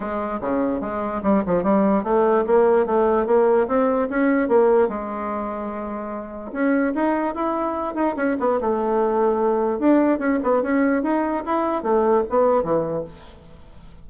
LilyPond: \new Staff \with { instrumentName = "bassoon" } { \time 4/4 \tempo 4 = 147 gis4 cis4 gis4 g8 f8 | g4 a4 ais4 a4 | ais4 c'4 cis'4 ais4 | gis1 |
cis'4 dis'4 e'4. dis'8 | cis'8 b8 a2. | d'4 cis'8 b8 cis'4 dis'4 | e'4 a4 b4 e4 | }